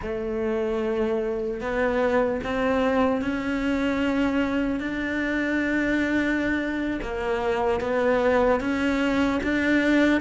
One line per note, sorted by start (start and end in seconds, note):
0.01 1.60 A3
1.60 2.40 B3
2.43 3.21 C4
3.21 4.80 C#4
4.80 7.00 D4
7.01 7.80 A#3
7.80 8.60 B3
8.60 9.40 C#4
9.43 10.20 D4